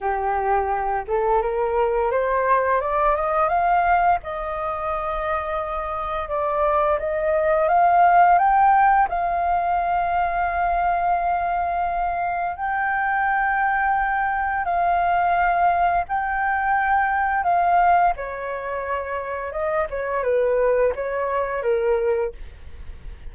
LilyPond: \new Staff \with { instrumentName = "flute" } { \time 4/4 \tempo 4 = 86 g'4. a'8 ais'4 c''4 | d''8 dis''8 f''4 dis''2~ | dis''4 d''4 dis''4 f''4 | g''4 f''2.~ |
f''2 g''2~ | g''4 f''2 g''4~ | g''4 f''4 cis''2 | dis''8 cis''8 b'4 cis''4 ais'4 | }